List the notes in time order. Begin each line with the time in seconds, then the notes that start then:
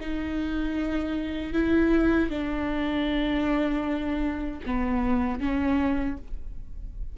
0.00 D#4
1.53 E4
2.30 D4
4.66 B3
5.40 C#4